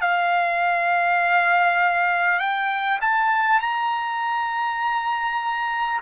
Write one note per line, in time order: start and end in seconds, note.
0.00 2.39 F5
2.39 2.99 G5
3.01 3.60 A5
3.60 6.00 A#5